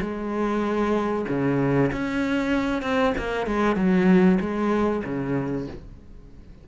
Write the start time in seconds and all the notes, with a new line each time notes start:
0.00 G#3
1.28 C#3
1.92 C#4
2.82 C4
3.18 A#3
3.46 G#3
3.76 F#3
4.40 G#3
5.04 C#3